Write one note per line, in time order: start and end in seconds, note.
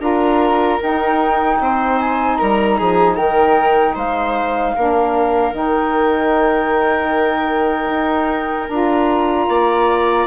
0.00 0.79 D4
0.00 0.79 F4
0.00 1.60 A#4
0.00 0.82 A#5
0.81 4.76 D#4
0.81 1.61 D#4
0.81 1.99 G5
1.61 2.40 C4
1.61 2.39 C5
1.99 2.37 G#5
2.37 2.81 G3
2.37 2.78 A#4
2.37 3.16 A#5
2.78 3.19 F3
2.78 3.17 G#4
3.17 3.96 D#3
3.17 3.95 A#4
3.17 3.96 G5
3.95 4.75 G#3
3.95 4.74 C5
3.95 5.56 F5
4.76 5.53 A#3
4.76 5.52 D4
4.76 9.50 A#4
5.52 7.90 D#3
5.52 8.68 D#4
5.52 8.69 G5
7.90 8.69 D#4
8.69 9.49 D4
8.69 10.28 F4
8.69 10.27 A#5
9.49 10.28 A#3
9.49 10.28 D5